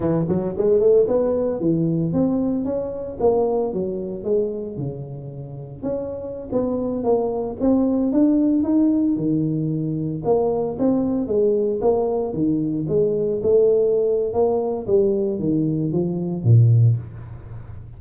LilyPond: \new Staff \with { instrumentName = "tuba" } { \time 4/4 \tempo 4 = 113 e8 fis8 gis8 a8 b4 e4 | c'4 cis'4 ais4 fis4 | gis4 cis2 cis'4~ | cis'16 b4 ais4 c'4 d'8.~ |
d'16 dis'4 dis2 ais8.~ | ais16 c'4 gis4 ais4 dis8.~ | dis16 gis4 a4.~ a16 ais4 | g4 dis4 f4 ais,4 | }